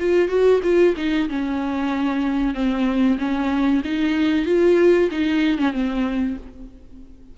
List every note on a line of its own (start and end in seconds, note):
0.00 0.29 F4
0.29 0.61 F#4
0.64 0.95 F4
0.97 1.29 D#4
1.30 2.55 C#4
2.55 3.19 C4
3.19 3.83 C#4
3.85 4.46 D#4
4.46 5.10 F4
5.12 5.59 D#4
5.59 5.73 C#4
5.73 6.37 C4